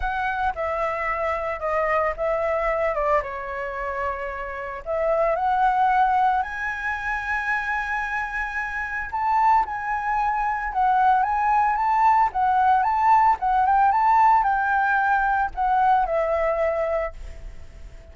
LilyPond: \new Staff \with { instrumentName = "flute" } { \time 4/4 \tempo 4 = 112 fis''4 e''2 dis''4 | e''4. d''8 cis''2~ | cis''4 e''4 fis''2 | gis''1~ |
gis''4 a''4 gis''2 | fis''4 gis''4 a''4 fis''4 | a''4 fis''8 g''8 a''4 g''4~ | g''4 fis''4 e''2 | }